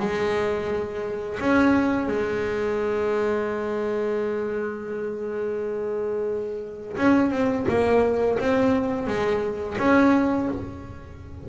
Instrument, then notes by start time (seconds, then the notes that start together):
double bass
0.00 G#3
1.40 C#4
2.08 G#3
6.97 C#4
7.31 C4
7.69 A#3
8.39 C4
9.08 G#3
9.79 C#4